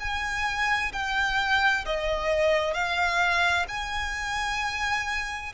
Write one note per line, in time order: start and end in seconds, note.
0.00 0.92 G#5
0.93 1.85 G5
1.85 2.74 D#5
2.74 3.66 F5
3.68 5.53 G#5